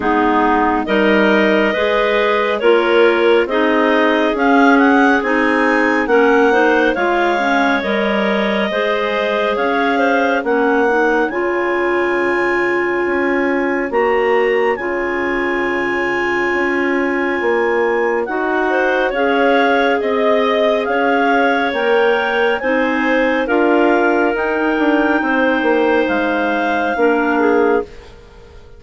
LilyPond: <<
  \new Staff \with { instrumentName = "clarinet" } { \time 4/4 \tempo 4 = 69 gis'4 dis''2 cis''4 | dis''4 f''8 fis''8 gis''4 fis''4 | f''4 dis''2 f''4 | fis''4 gis''2. |
ais''4 gis''2.~ | gis''4 fis''4 f''4 dis''4 | f''4 g''4 gis''4 f''4 | g''2 f''2 | }
  \new Staff \with { instrumentName = "clarinet" } { \time 4/4 dis'4 ais'4 b'4 ais'4 | gis'2. ais'8 c''8 | cis''2 c''4 cis''8 c''8 | cis''1~ |
cis''1~ | cis''4. c''8 cis''4 dis''4 | cis''2 c''4 ais'4~ | ais'4 c''2 ais'8 gis'8 | }
  \new Staff \with { instrumentName = "clarinet" } { \time 4/4 b4 dis'4 gis'4 f'4 | dis'4 cis'4 dis'4 cis'8 dis'8 | f'8 cis'8 ais'4 gis'2 | cis'8 dis'8 f'2. |
fis'4 f'2.~ | f'4 fis'4 gis'2~ | gis'4 ais'4 dis'4 f'4 | dis'2. d'4 | }
  \new Staff \with { instrumentName = "bassoon" } { \time 4/4 gis4 g4 gis4 ais4 | c'4 cis'4 c'4 ais4 | gis4 g4 gis4 cis'4 | ais4 cis2 cis'4 |
ais4 cis2 cis'4 | ais4 dis'4 cis'4 c'4 | cis'4 ais4 c'4 d'4 | dis'8 d'8 c'8 ais8 gis4 ais4 | }
>>